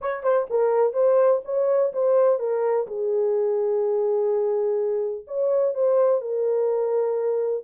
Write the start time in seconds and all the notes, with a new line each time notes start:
0.01 C#5
0.23 C5
0.50 A#4
0.93 C5
1.44 C#5
1.93 C5
2.39 A#4
2.87 G#4
5.27 C#5
5.74 C5
6.21 A#4